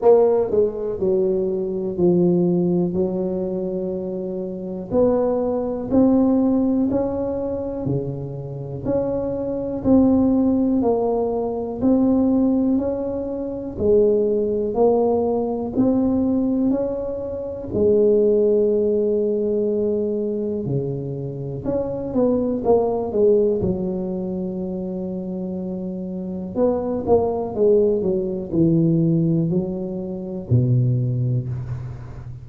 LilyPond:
\new Staff \with { instrumentName = "tuba" } { \time 4/4 \tempo 4 = 61 ais8 gis8 fis4 f4 fis4~ | fis4 b4 c'4 cis'4 | cis4 cis'4 c'4 ais4 | c'4 cis'4 gis4 ais4 |
c'4 cis'4 gis2~ | gis4 cis4 cis'8 b8 ais8 gis8 | fis2. b8 ais8 | gis8 fis8 e4 fis4 b,4 | }